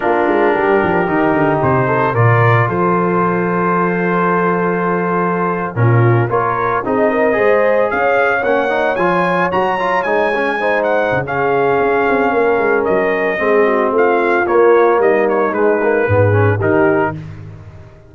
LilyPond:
<<
  \new Staff \with { instrumentName = "trumpet" } { \time 4/4 \tempo 4 = 112 ais'2. c''4 | d''4 c''2.~ | c''2~ c''8. ais'4 cis''16~ | cis''8. dis''2 f''4 fis''16~ |
fis''8. gis''4 ais''4 gis''4~ gis''16~ | gis''16 fis''8. f''2. | dis''2 f''4 cis''4 | dis''8 cis''8 b'2 ais'4 | }
  \new Staff \with { instrumentName = "horn" } { \time 4/4 f'4 g'2~ g'8 a'8 | ais'4 a'2.~ | a'2~ a'8. f'4 ais'16~ | ais'8. gis'8 ais'8 c''4 cis''4~ cis''16~ |
cis''2.~ cis''8. c''16~ | c''4 gis'2 ais'4~ | ais'4 gis'8 fis'8 f'2 | dis'2 gis'4 g'4 | }
  \new Staff \with { instrumentName = "trombone" } { \time 4/4 d'2 dis'2 | f'1~ | f'2~ f'8. cis'4 f'16~ | f'8. dis'4 gis'2 cis'16~ |
cis'16 dis'8 f'4 fis'8 f'8 dis'8 cis'8 dis'16~ | dis'4 cis'2.~ | cis'4 c'2 ais4~ | ais4 gis8 ais8 b8 cis'8 dis'4 | }
  \new Staff \with { instrumentName = "tuba" } { \time 4/4 ais8 gis8 g8 f8 dis8 d8 c4 | ais,4 f2.~ | f2~ f8. ais,4 ais16~ | ais8. c'4 gis4 cis'4 ais16~ |
ais8. f4 fis4 gis4~ gis16~ | gis8. cis4~ cis16 cis'8 c'8 ais8 gis8 | fis4 gis4 a4 ais4 | g4 gis4 gis,4 dis4 | }
>>